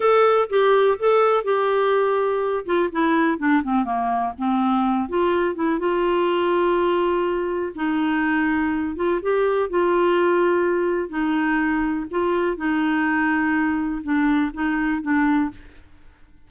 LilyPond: \new Staff \with { instrumentName = "clarinet" } { \time 4/4 \tempo 4 = 124 a'4 g'4 a'4 g'4~ | g'4. f'8 e'4 d'8 c'8 | ais4 c'4. f'4 e'8 | f'1 |
dis'2~ dis'8 f'8 g'4 | f'2. dis'4~ | dis'4 f'4 dis'2~ | dis'4 d'4 dis'4 d'4 | }